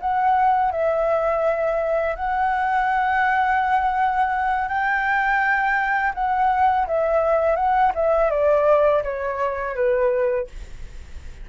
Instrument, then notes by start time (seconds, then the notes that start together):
flute
0.00 F#5
0.71 E5
2.15 F#5
4.68 G5
6.14 F#5
6.87 E5
7.55 F#5
7.94 E5
8.30 D5
9.03 C#5
9.75 B4